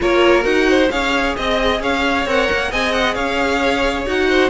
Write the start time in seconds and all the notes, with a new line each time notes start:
0.00 A#3 F4 A#4 C#5
0.42 D#4 F#4 F#5
0.69 C5
0.90 C#4 G#4 C#5 F5
1.36 C4 D#5
1.80 C#4 C#5 F5
2.25 C4 A#4 F#5
2.51 A#3
2.70 C4 G#4 D#5 G#5
2.92 F#5
3.14 C#4 C#5 F5
4.06 D#4 F#4 F#5
4.28 C5